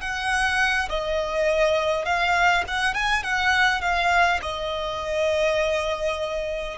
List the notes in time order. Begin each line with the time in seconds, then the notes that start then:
0.00 F#5
0.89 D#5
2.05 F5
2.67 F#5
2.94 G#5
3.23 F#5
3.81 F5
4.42 D#5